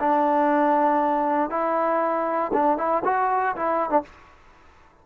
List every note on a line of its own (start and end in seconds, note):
0.00 1.50 D4
1.50 2.51 E4
2.53 2.77 D4
2.77 3.03 E4
3.04 3.55 F#4
3.56 3.90 E4
3.90 4.02 D4